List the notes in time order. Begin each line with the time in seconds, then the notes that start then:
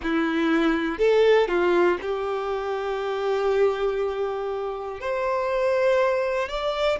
0.02 E4
0.98 A4
1.48 F4
2.01 G4
5.00 C5
6.49 D5